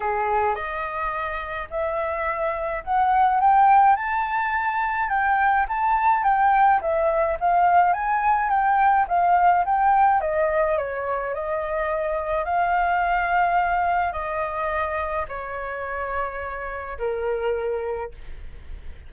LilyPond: \new Staff \with { instrumentName = "flute" } { \time 4/4 \tempo 4 = 106 gis'4 dis''2 e''4~ | e''4 fis''4 g''4 a''4~ | a''4 g''4 a''4 g''4 | e''4 f''4 gis''4 g''4 |
f''4 g''4 dis''4 cis''4 | dis''2 f''2~ | f''4 dis''2 cis''4~ | cis''2 ais'2 | }